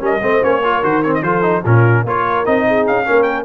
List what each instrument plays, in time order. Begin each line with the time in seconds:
0.00 tuba G3, trombone C#4, horn A#4, trumpet D#5
0.22 tuba A3, trombone C4, horn C5
0.42 tuba A#3, trombone C#4, trumpet C#5
0.61 trombone F4, horn A#4
0.83 tuba D#3, trombone F#4, trumpet C5
1.03 trombone C4, trumpet C#5
1.14 trumpet D#5
1.22 tuba F3, trombone F4, horn A4, trumpet C5
1.42 trombone D#4
1.64 tuba A#2, trombone C#4, horn F4, trumpet A#4
2.05 tuba A#3, trombone F4, horn A#4, trumpet C#5
2.45 tuba C4, trombone D#4, trumpet D#5
2.66 horn G#4
2.87 tuba C#4, trumpet F5
3.05 tuba A#3, trombone C#4, horn A#4
3.22 trumpet G5